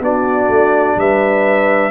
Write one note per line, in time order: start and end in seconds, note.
0.00 0.48 B3
0.00 1.91 D4
0.00 0.97 F#4
0.00 0.99 D5
0.48 0.95 A3
0.96 1.91 G3
0.96 1.91 B4
0.96 1.91 E5